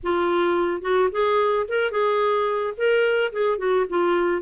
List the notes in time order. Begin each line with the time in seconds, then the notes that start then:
0.03 F4
0.81 F#4
1.11 G#4
1.68 A#4
1.91 G#4
2.77 A#4
3.32 G#4
3.58 F#4
3.89 F4